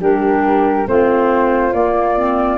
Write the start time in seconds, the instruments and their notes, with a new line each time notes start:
0.00 tuba G3, clarinet D4, flute G4 A#4
0.86 tuba A3, clarinet C4, flute F4 C5
1.73 tuba A#3, clarinet A#3, flute D5
2.17 clarinet C4